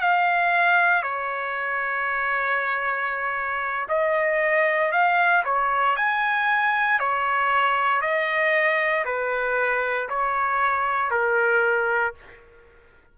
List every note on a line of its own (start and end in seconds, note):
0.00 1.03 F5
1.03 3.87 C#5
3.88 4.91 D#5
4.91 5.43 F5
5.44 5.96 C#5
5.96 6.99 G#5
6.99 8.01 C#5
8.01 9.05 D#5
9.05 10.08 B4
10.09 11.11 C#5
11.11 12.14 A#4